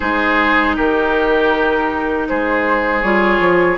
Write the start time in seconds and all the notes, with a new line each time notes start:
0.00 G#3 D#4 G#4 C5
0.75 D#3 G4 A#4
2.28 G#3 G#4 C5
3.02 G3 F4 C#5
3.39 F3